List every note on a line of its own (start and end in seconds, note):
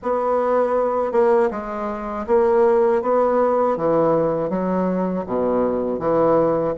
0.02 1.12 B3
1.12 1.49 A#3
1.50 2.25 G#3
2.26 3.01 A#3
3.02 3.77 B3
3.77 4.49 E3
4.49 5.24 F#3
5.26 5.99 B2
5.99 6.74 E3